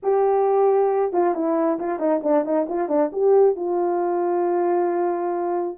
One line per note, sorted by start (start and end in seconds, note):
0.02 1.13 G4
1.13 1.34 F4
1.34 1.78 E4
1.79 1.99 F4
1.99 2.21 D#4
2.23 2.44 D4
2.44 2.67 D#4
2.68 2.88 F4
2.88 3.10 D4
3.12 3.56 G4
3.56 5.78 F4